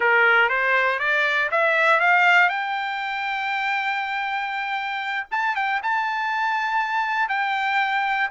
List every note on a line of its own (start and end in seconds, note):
0.00 0.49 A#4
0.49 0.99 C5
0.99 1.49 D5
1.51 1.99 E5
1.99 2.49 F5
2.49 5.26 G5
5.31 5.55 A5
5.55 5.81 G5
5.82 7.29 A5
7.29 8.29 G5